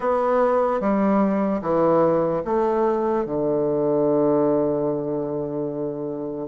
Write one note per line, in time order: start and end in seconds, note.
0.00 0.80 B3
0.80 1.61 G3
1.61 2.43 E3
2.44 3.25 A3
3.25 6.48 D3